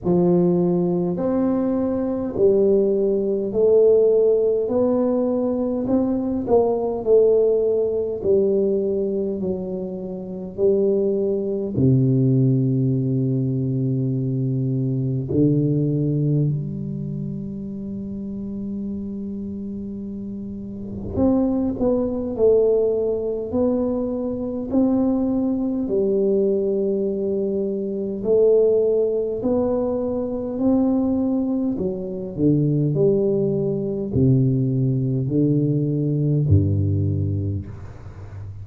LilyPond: \new Staff \with { instrumentName = "tuba" } { \time 4/4 \tempo 4 = 51 f4 c'4 g4 a4 | b4 c'8 ais8 a4 g4 | fis4 g4 c2~ | c4 d4 g2~ |
g2 c'8 b8 a4 | b4 c'4 g2 | a4 b4 c'4 fis8 d8 | g4 c4 d4 g,4 | }